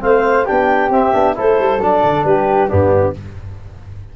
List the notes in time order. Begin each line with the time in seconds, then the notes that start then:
0.00 A3 C4 C5 F5
0.46 B3 D4 G4 G5
0.90 C4 E5
1.13 B3 D4
1.35 A3 E4 A4 C5
1.59 G3
1.79 F#3 D4 D5
2.04 D3
2.25 G3 G4 B4
2.69 G2 B3 D4 G4